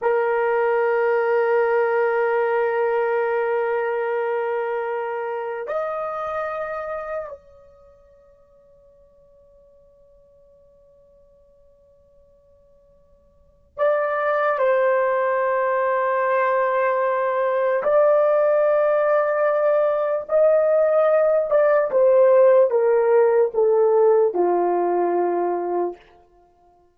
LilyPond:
\new Staff \with { instrumentName = "horn" } { \time 4/4 \tempo 4 = 74 ais'1~ | ais'2. dis''4~ | dis''4 cis''2.~ | cis''1~ |
cis''4 d''4 c''2~ | c''2 d''2~ | d''4 dis''4. d''8 c''4 | ais'4 a'4 f'2 | }